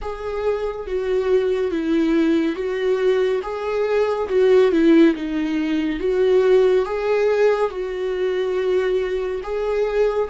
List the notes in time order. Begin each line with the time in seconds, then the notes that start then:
0.01 G#4
0.86 F#4
1.71 E4
2.55 F#4
3.42 G#4
4.29 F#4
4.71 E4
5.15 D#4
5.99 F#4
6.85 G#4
7.70 F#4
9.43 G#4